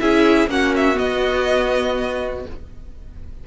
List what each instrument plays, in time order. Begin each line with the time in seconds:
0.00 cello C#4, viola E4, violin G#4 E5
0.47 cello A#3, viola C#4, violin F#4 F#5
0.76 violin E5
0.95 viola B3, cello B3, violin D#5